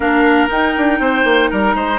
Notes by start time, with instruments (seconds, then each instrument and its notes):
0.00 bassoon A#3, clarinet D4, oboe A#4, flute F5
0.48 clarinet D#4, bassoon D#4, flute G5
0.77 bassoon D4
0.99 bassoon C4, oboe C5
1.24 bassoon A#3
1.50 bassoon G3, oboe A#4, flute A#5
1.74 bassoon G#3, oboe C5